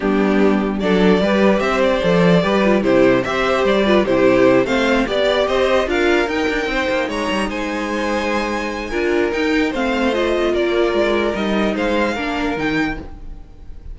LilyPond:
<<
  \new Staff \with { instrumentName = "violin" } { \time 4/4 \tempo 4 = 148 g'2 d''2 | e''8 d''2~ d''8 c''4 | e''4 d''4 c''4. f''8~ | f''8 d''4 dis''4 f''4 g''8~ |
g''4. ais''4 gis''4.~ | gis''2. g''4 | f''4 dis''4 d''2 | dis''4 f''2 g''4 | }
  \new Staff \with { instrumentName = "violin" } { \time 4/4 d'2 a'4 b'4 | c''2 b'4 g'4 | c''4. b'8 g'4. c''8~ | c''8 d''4 c''4 ais'4.~ |
ais'8 c''4 cis''4 c''4.~ | c''2 ais'2 | c''2 ais'2~ | ais'4 c''4 ais'2 | }
  \new Staff \with { instrumentName = "viola" } { \time 4/4 b2 d'4 g'4~ | g'4 a'4 g'8 f'8 e'4 | g'4. f'8 e'4. c'8~ | c'8 g'2 f'4 dis'8~ |
dis'1~ | dis'2 f'4 dis'4 | c'4 f'2. | dis'2 d'4 dis'4 | }
  \new Staff \with { instrumentName = "cello" } { \time 4/4 g2 fis4 g4 | c'4 f4 g4 c4 | c'4 g4 c4. a8~ | a8 b4 c'4 d'4 dis'8 |
d'8 c'8 ais8 gis8 g8 gis4.~ | gis2 d'4 dis'4 | a2 ais4 gis4 | g4 gis4 ais4 dis4 | }
>>